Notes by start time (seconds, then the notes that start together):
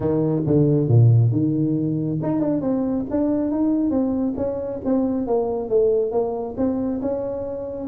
0.00 D#3
0.46 D3
0.88 A#2
1.31 D#3
2.22 D#4
2.40 D4
2.61 C4
3.10 D4
3.51 D#4
3.90 C4
4.36 C#4
4.84 C4
5.27 A#3
5.69 A3
6.11 A#3
6.57 C4
7.01 C#4